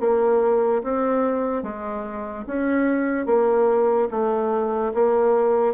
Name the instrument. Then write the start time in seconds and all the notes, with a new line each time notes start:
bassoon
0.00 A#3
0.83 C4
1.63 G#3
2.47 C#4
3.26 A#3
4.11 A3
4.94 A#3